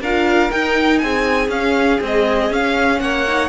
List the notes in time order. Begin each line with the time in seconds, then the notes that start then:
0.00 D4 F4 A#4 F5
0.51 D#4 G5
0.98 C4 G#4 G#5
1.48 C#4 F5
2.01 G#3 C4 D#5
2.50 C#4 F5
3.00 A#3 C#5 F#5
3.27 D#4